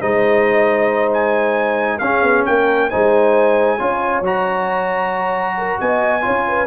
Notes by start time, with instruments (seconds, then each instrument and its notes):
0.00 tuba G#3, trombone D#4, horn C5, trumpet D#5
1.13 trumpet G#5
1.98 tuba C#4, trombone C#4, trumpet F5
2.05 horn G#4
2.22 tuba B3
2.45 tuba A#3, horn A#4, trumpet G5
2.89 tuba G#3, trombone D#4, horn C5, trumpet G#5
3.77 tuba C#4, trombone F4, horn C#5
4.21 tuba F#3, trombone F#4, trumpet A#5
5.57 horn A#4
5.80 tuba B3, horn D#5, trumpet G#5
6.21 tuba C#4, trombone F4, horn C#5
6.48 horn B4